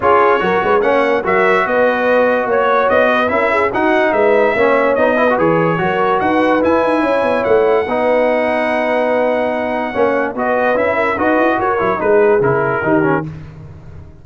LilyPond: <<
  \new Staff \with { instrumentName = "trumpet" } { \time 4/4 \tempo 4 = 145 cis''2 fis''4 e''4 | dis''2 cis''4 dis''4 | e''4 fis''4 e''2 | dis''4 cis''2 fis''4 |
gis''2 fis''2~ | fis''1~ | fis''4 dis''4 e''4 dis''4 | cis''4 b'4 ais'2 | }
  \new Staff \with { instrumentName = "horn" } { \time 4/4 gis'4 ais'8 b'8 cis''4 ais'4 | b'2 cis''4. b'8 | ais'8 gis'8 fis'4 b'4 cis''4~ | cis''8 b'4. ais'4 b'4~ |
b'4 cis''2 b'4~ | b'1 | cis''4 b'4. ais'8 b'4 | ais'4 gis'2 g'4 | }
  \new Staff \with { instrumentName = "trombone" } { \time 4/4 f'4 fis'4 cis'4 fis'4~ | fis'1 | e'4 dis'2 cis'4 | dis'8 e'16 fis'16 gis'4 fis'2 |
e'2. dis'4~ | dis'1 | cis'4 fis'4 e'4 fis'4~ | fis'8 e'8 dis'4 e'4 dis'8 cis'8 | }
  \new Staff \with { instrumentName = "tuba" } { \time 4/4 cis'4 fis8 gis8 ais4 fis4 | b2 ais4 b4 | cis'4 dis'4 gis4 ais4 | b4 e4 fis4 dis'4 |
e'8 dis'8 cis'8 b8 a4 b4~ | b1 | ais4 b4 cis'4 dis'8 e'8 | fis'8 fis8 gis4 cis4 dis4 | }
>>